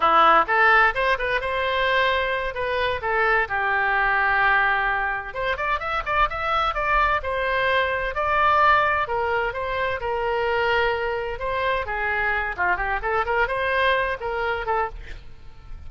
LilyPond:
\new Staff \with { instrumentName = "oboe" } { \time 4/4 \tempo 4 = 129 e'4 a'4 c''8 b'8 c''4~ | c''4. b'4 a'4 g'8~ | g'2.~ g'8 c''8 | d''8 e''8 d''8 e''4 d''4 c''8~ |
c''4. d''2 ais'8~ | ais'8 c''4 ais'2~ ais'8~ | ais'8 c''4 gis'4. f'8 g'8 | a'8 ais'8 c''4. ais'4 a'8 | }